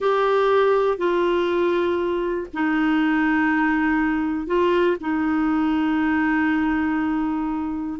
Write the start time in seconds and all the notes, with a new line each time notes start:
0.00 G4
0.97 F4
2.53 D#4
4.46 F4
5.00 D#4